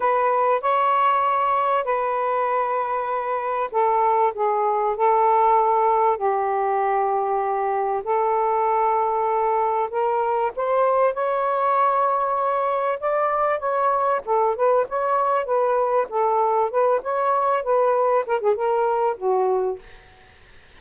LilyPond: \new Staff \with { instrumentName = "saxophone" } { \time 4/4 \tempo 4 = 97 b'4 cis''2 b'4~ | b'2 a'4 gis'4 | a'2 g'2~ | g'4 a'2. |
ais'4 c''4 cis''2~ | cis''4 d''4 cis''4 a'8 b'8 | cis''4 b'4 a'4 b'8 cis''8~ | cis''8 b'4 ais'16 gis'16 ais'4 fis'4 | }